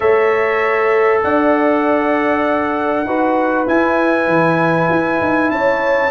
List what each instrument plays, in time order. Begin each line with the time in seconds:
0.00 tuba A3, trombone A4, horn C#5, trumpet E5
1.23 tuba D4, horn D5, trumpet F#5
3.04 tuba D#4, trombone F#4, horn B4
3.66 trombone E4, tuba E4, trumpet G#5
4.27 tuba E3
4.90 tuba E4
5.20 tuba D#4
5.50 tuba C#4, horn C#5, trumpet A5